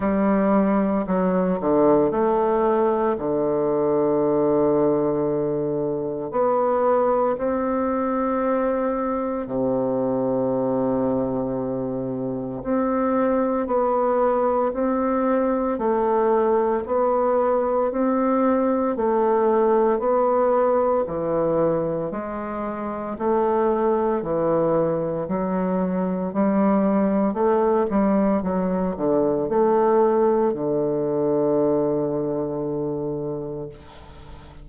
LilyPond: \new Staff \with { instrumentName = "bassoon" } { \time 4/4 \tempo 4 = 57 g4 fis8 d8 a4 d4~ | d2 b4 c'4~ | c'4 c2. | c'4 b4 c'4 a4 |
b4 c'4 a4 b4 | e4 gis4 a4 e4 | fis4 g4 a8 g8 fis8 d8 | a4 d2. | }